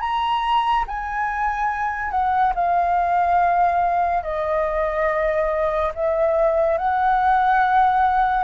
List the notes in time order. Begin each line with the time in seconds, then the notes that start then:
0.00 A#5
0.87 G#5
2.10 F#5
2.55 F5
4.23 D#5
5.94 E5
6.78 F#5